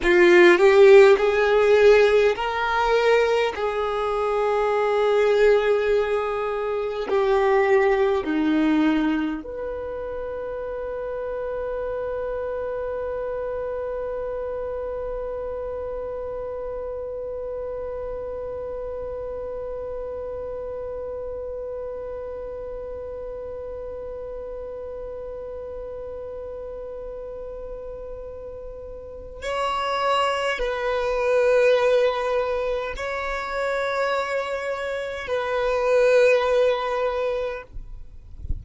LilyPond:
\new Staff \with { instrumentName = "violin" } { \time 4/4 \tempo 4 = 51 f'8 g'8 gis'4 ais'4 gis'4~ | gis'2 g'4 dis'4 | b'1~ | b'1~ |
b'1~ | b'1~ | b'4 cis''4 b'2 | cis''2 b'2 | }